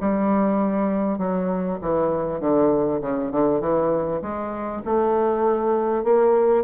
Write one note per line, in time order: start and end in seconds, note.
0.00 1.18 G3
1.18 1.79 F#3
1.81 2.40 E3
2.40 3.01 D3
3.01 3.31 C#3
3.31 3.60 D3
3.60 4.21 E3
4.21 4.82 G#3
4.85 6.04 A3
6.04 6.64 A#3